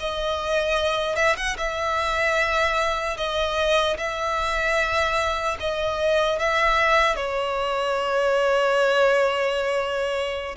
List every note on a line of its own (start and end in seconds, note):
0.00 1.16 D#5
1.16 1.36 E5
1.37 1.57 F#5
1.58 3.17 E5
3.17 3.97 D#5
3.98 5.58 E5
5.60 6.40 D#5
6.40 7.16 E5
7.16 10.56 C#5